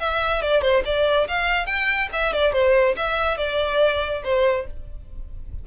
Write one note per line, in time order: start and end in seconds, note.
0.00 0.42 E5
0.42 0.62 D5
0.62 0.83 C5
0.85 1.27 D5
1.28 1.66 F5
1.66 2.09 G5
2.13 2.33 E5
2.33 2.53 D5
2.53 2.95 C5
2.97 3.38 E5
3.38 4.23 D5
4.24 4.67 C5